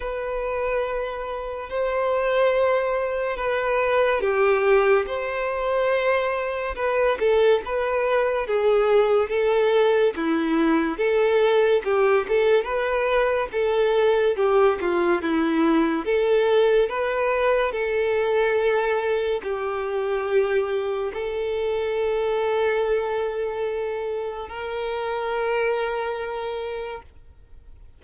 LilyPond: \new Staff \with { instrumentName = "violin" } { \time 4/4 \tempo 4 = 71 b'2 c''2 | b'4 g'4 c''2 | b'8 a'8 b'4 gis'4 a'4 | e'4 a'4 g'8 a'8 b'4 |
a'4 g'8 f'8 e'4 a'4 | b'4 a'2 g'4~ | g'4 a'2.~ | a'4 ais'2. | }